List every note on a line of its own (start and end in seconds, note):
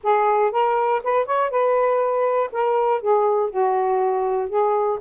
0.03 0.51 G#4
0.51 1.01 A#4
1.03 1.25 B4
1.25 1.50 C#5
1.50 2.50 B4
2.52 3.01 A#4
3.01 3.50 G#4
3.50 4.49 F#4
4.49 4.99 G#4